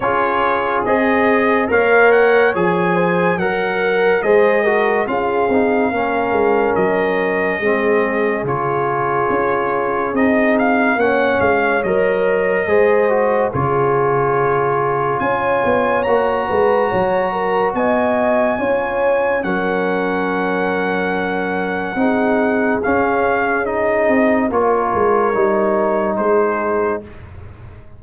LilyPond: <<
  \new Staff \with { instrumentName = "trumpet" } { \time 4/4 \tempo 4 = 71 cis''4 dis''4 f''8 fis''8 gis''4 | fis''4 dis''4 f''2 | dis''2 cis''2 | dis''8 f''8 fis''8 f''8 dis''2 |
cis''2 gis''4 ais''4~ | ais''4 gis''2 fis''4~ | fis''2. f''4 | dis''4 cis''2 c''4 | }
  \new Staff \with { instrumentName = "horn" } { \time 4/4 gis'2 cis''4. c''8 | ais'4 c''8 ais'8 gis'4 ais'4~ | ais'4 gis'2.~ | gis'4 cis''2 c''4 |
gis'2 cis''4. b'8 | cis''8 ais'8 dis''4 cis''4 ais'4~ | ais'2 gis'2~ | gis'4 ais'2 gis'4 | }
  \new Staff \with { instrumentName = "trombone" } { \time 4/4 f'4 gis'4 ais'4 gis'4 | ais'4 gis'8 fis'8 f'8 dis'8 cis'4~ | cis'4 c'4 f'2 | dis'4 cis'4 ais'4 gis'8 fis'8 |
f'2. fis'4~ | fis'2 f'4 cis'4~ | cis'2 dis'4 cis'4 | dis'4 f'4 dis'2 | }
  \new Staff \with { instrumentName = "tuba" } { \time 4/4 cis'4 c'4 ais4 f4 | fis4 gis4 cis'8 c'8 ais8 gis8 | fis4 gis4 cis4 cis'4 | c'4 ais8 gis8 fis4 gis4 |
cis2 cis'8 b8 ais8 gis8 | fis4 b4 cis'4 fis4~ | fis2 c'4 cis'4~ | cis'8 c'8 ais8 gis8 g4 gis4 | }
>>